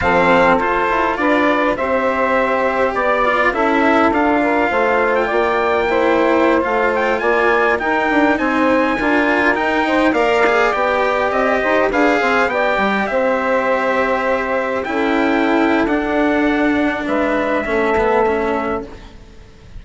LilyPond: <<
  \new Staff \with { instrumentName = "trumpet" } { \time 4/4 \tempo 4 = 102 f''4 c''4 d''4 e''4~ | e''4 d''4 e''4 f''4~ | f''8. g''2~ g''8 f''8 g''16~ | g''16 gis''4 g''4 gis''4.~ gis''16~ |
gis''16 g''4 f''4 g''4 dis''8.~ | dis''16 f''4 g''4 e''4.~ e''16~ | e''4~ e''16 g''4.~ g''16 fis''4~ | fis''4 e''2. | }
  \new Staff \with { instrumentName = "saxophone" } { \time 4/4 a'2 b'4 c''4~ | c''4 d''4 a'4. ais'8 | c''4 d''4 c''2~ | c''16 d''4 ais'4 c''4 ais'8.~ |
ais'8. c''8 d''2~ d''8 c''16~ | c''16 b'8 c''8 d''4 c''4.~ c''16~ | c''4~ c''16 a'2~ a'8.~ | a'4 b'4 a'2 | }
  \new Staff \with { instrumentName = "cello" } { \time 4/4 c'4 f'2 g'4~ | g'4. f'8 e'4 f'4~ | f'2 e'4~ e'16 f'8.~ | f'4~ f'16 dis'2 f'8.~ |
f'16 dis'4 ais'8 gis'8 g'4.~ g'16~ | g'16 gis'4 g'2~ g'8.~ | g'4~ g'16 e'4.~ e'16 d'4~ | d'2 cis'8 b8 cis'4 | }
  \new Staff \with { instrumentName = "bassoon" } { \time 4/4 f4 f'8 e'8 d'4 c'4~ | c'4 b4 cis'4 d'4 | a4 ais2~ ais16 a8.~ | a16 ais4 dis'8 d'8 c'4 d'8.~ |
d'16 dis'4 ais4 b4 c'8 dis'16~ | dis'16 d'8 c'8 b8 g8 c'4.~ c'16~ | c'4~ c'16 cis'4.~ cis'16 d'4~ | d'4 gis4 a2 | }
>>